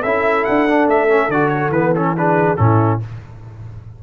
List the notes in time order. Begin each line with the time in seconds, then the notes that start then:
0.00 C#4 E4 A4 E5
0.45 D4 F#5
0.68 D4
0.88 A3 E5
1.08 C#4
1.28 D3 F#4 D5
1.49 C#5
1.70 E3 B3 B4
1.95 C#4 A4
2.17 D4 G#4 B4
2.57 A2 C#4 E4 A4